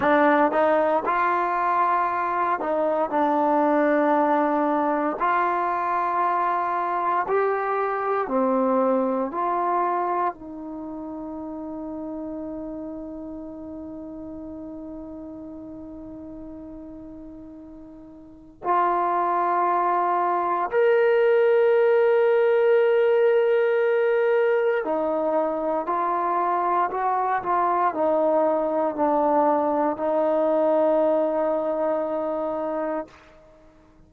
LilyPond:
\new Staff \with { instrumentName = "trombone" } { \time 4/4 \tempo 4 = 58 d'8 dis'8 f'4. dis'8 d'4~ | d'4 f'2 g'4 | c'4 f'4 dis'2~ | dis'1~ |
dis'2 f'2 | ais'1 | dis'4 f'4 fis'8 f'8 dis'4 | d'4 dis'2. | }